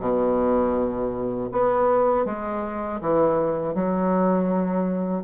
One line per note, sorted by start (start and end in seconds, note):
0.00 1.50 B2
1.52 2.25 B3
2.25 3.00 G#3
3.01 3.75 E3
3.75 5.23 F#3